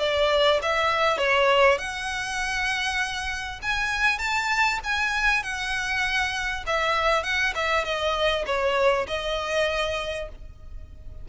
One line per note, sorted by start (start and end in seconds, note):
0.00 0.61 D5
0.63 1.18 E5
1.18 1.79 C#5
1.79 3.60 F#5
3.63 4.19 G#5
4.19 4.80 A5
4.84 5.43 G#5
5.43 6.64 F#5
6.67 7.24 E5
7.24 7.54 F#5
7.56 7.85 E5
7.85 8.45 D#5
8.47 9.07 C#5
9.08 10.29 D#5